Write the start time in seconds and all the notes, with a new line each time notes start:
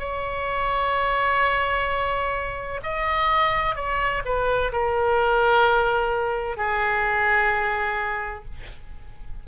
0.00 C#5
2.83 D#5
3.76 C#5
4.25 B4
4.73 A#4
6.58 G#4